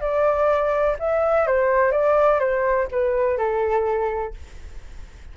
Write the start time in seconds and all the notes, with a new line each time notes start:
0.00 D5
0.99 E5
1.46 C5
1.91 D5
2.39 C5
2.91 B4
3.38 A4